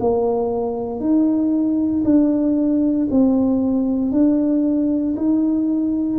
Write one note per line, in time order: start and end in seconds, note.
0.00 1.00 A#3
1.00 2.03 D#4
2.04 3.08 D4
3.10 4.11 C4
4.11 5.15 D4
5.16 6.19 D#4